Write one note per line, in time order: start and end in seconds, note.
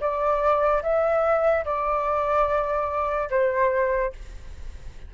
0.00 0.82 D5
0.83 1.65 E5
1.65 3.29 D5
3.30 4.12 C5